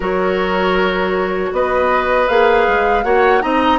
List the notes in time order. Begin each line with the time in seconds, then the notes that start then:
0.00 F#3 F#4 A#4 C#5
1.52 B3 B4 D#5
2.28 A#3 G#4 F5
2.67 G#3
3.03 A#3 F#4 C#5 F#5
3.40 C4 D#4 D#5 A#5